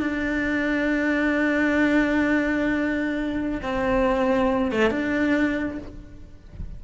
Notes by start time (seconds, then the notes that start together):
0.00 D4
3.63 C4
4.72 A3
4.91 D4